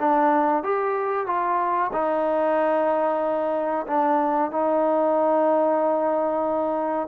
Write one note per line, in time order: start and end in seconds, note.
0.00 0.63 D4
0.63 1.27 G4
1.27 1.91 F4
1.93 3.86 D#4
3.87 4.51 D4
4.51 7.08 D#4